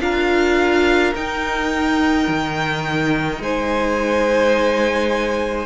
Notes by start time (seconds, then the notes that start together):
0.00 D4 F4 A#4 F5
1.15 D#4 G5
2.28 D#3
3.39 G#3 C5 G#5